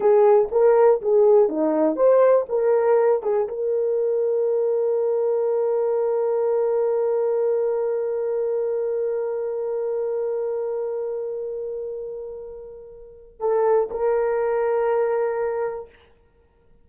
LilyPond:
\new Staff \with { instrumentName = "horn" } { \time 4/4 \tempo 4 = 121 gis'4 ais'4 gis'4 dis'4 | c''4 ais'4. gis'8 ais'4~ | ais'1~ | ais'1~ |
ais'1~ | ais'1~ | ais'2. a'4 | ais'1 | }